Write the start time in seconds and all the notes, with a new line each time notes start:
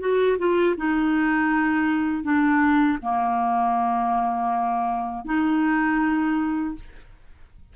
0.00 F#4
0.38 F4
0.77 D#4
2.23 D4
3.02 A#3
5.25 D#4